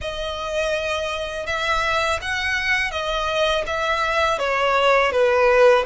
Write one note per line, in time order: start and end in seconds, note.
0.01 1.46 D#5
1.46 2.19 E5
2.22 2.91 F#5
2.91 3.64 D#5
3.66 4.38 E5
4.38 5.11 C#5
5.11 5.84 B4